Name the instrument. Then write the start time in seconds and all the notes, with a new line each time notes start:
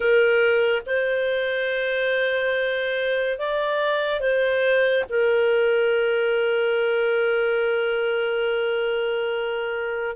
clarinet
0.00 A#4
0.86 C5
3.38 D5
4.19 C5
5.09 A#4